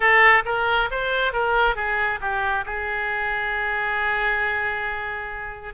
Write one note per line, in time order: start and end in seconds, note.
0.00 0.43 A4
0.45 0.89 A#4
0.90 1.32 C5
1.32 1.75 A#4
1.75 2.19 G#4
2.20 2.64 G4
2.65 5.74 G#4